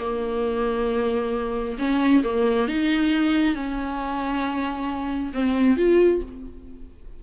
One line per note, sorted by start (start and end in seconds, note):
0.00 1.78 A#3
1.79 2.23 C#4
2.24 2.68 A#3
2.68 3.55 D#4
3.55 5.33 C#4
5.34 5.77 C4
5.77 6.22 F4